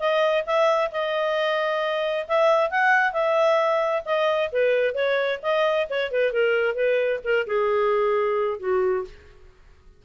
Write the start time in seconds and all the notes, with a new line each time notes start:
0.00 D#5
0.46 E5
0.92 D#5
2.28 E5
2.71 F#5
3.13 E5
4.06 D#5
4.52 B4
4.95 C#5
5.43 D#5
5.90 C#5
6.11 B4
6.33 A#4
6.75 B4
7.24 A#4
7.47 G#4
8.60 F#4